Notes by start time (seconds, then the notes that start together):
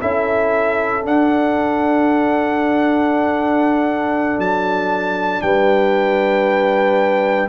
0.00 C#4 E4 A4 E5
1.02 D4 F#5
4.38 F#3 A5
5.42 G3 B4 G5